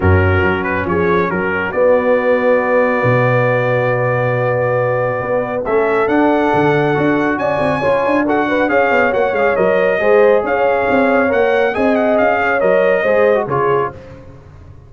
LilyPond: <<
  \new Staff \with { instrumentName = "trumpet" } { \time 4/4 \tempo 4 = 138 ais'4. b'8 cis''4 ais'4 | d''1~ | d''1~ | d''4 e''4 fis''2~ |
fis''4 gis''2 fis''4 | f''4 fis''8 f''8 dis''2 | f''2 fis''4 gis''8 fis''8 | f''4 dis''2 cis''4 | }
  \new Staff \with { instrumentName = "horn" } { \time 4/4 fis'2 gis'4 fis'4~ | fis'1~ | fis'1~ | fis'4 a'2.~ |
a'4 d''4 cis''4 a'8 b'8 | cis''2. c''4 | cis''2. dis''4~ | dis''8 cis''4. c''4 gis'4 | }
  \new Staff \with { instrumentName = "trombone" } { \time 4/4 cis'1 | b1~ | b1~ | b4 cis'4 d'2 |
fis'2 f'4 fis'4 | gis'4 fis'8 gis'8 ais'4 gis'4~ | gis'2 ais'4 gis'4~ | gis'4 ais'4 gis'8. fis'16 f'4 | }
  \new Staff \with { instrumentName = "tuba" } { \time 4/4 fis,4 fis4 f4 fis4 | b2. b,4~ | b,1 | b4 a4 d'4 d4 |
d'4 cis'8 c'8 cis'8 d'4. | cis'8 b8 ais8 gis8 fis4 gis4 | cis'4 c'4 ais4 c'4 | cis'4 fis4 gis4 cis4 | }
>>